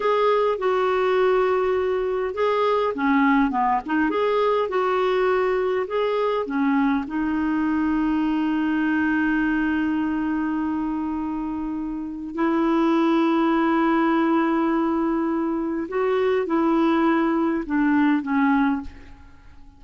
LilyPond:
\new Staff \with { instrumentName = "clarinet" } { \time 4/4 \tempo 4 = 102 gis'4 fis'2. | gis'4 cis'4 b8 dis'8 gis'4 | fis'2 gis'4 cis'4 | dis'1~ |
dis'1~ | dis'4 e'2.~ | e'2. fis'4 | e'2 d'4 cis'4 | }